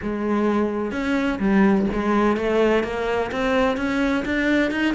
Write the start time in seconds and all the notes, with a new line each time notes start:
0.02 G#3
0.91 C#4
1.39 G3
1.92 G#3
2.36 A3
2.83 A#3
3.31 C4
3.76 C#4
4.25 D4
4.71 D#4